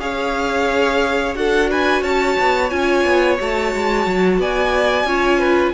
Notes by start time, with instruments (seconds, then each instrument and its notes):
0.00 cello C#4, viola G#4, violin C#5 F5
1.34 cello D4, viola F#4, violin A4 F#5
1.70 violin B4 G#5
2.03 cello C#4, violin C#5 A5
2.40 cello B3
2.70 cello C#4, viola F4, violin G#5
3.05 cello B3
3.39 cello A3, viola F#4, violin A5
3.75 cello G#3
4.06 cello F#3
4.38 cello B3, violin D5 G#5
5.04 cello C#4, viola F4, violin C#5
5.39 violin B4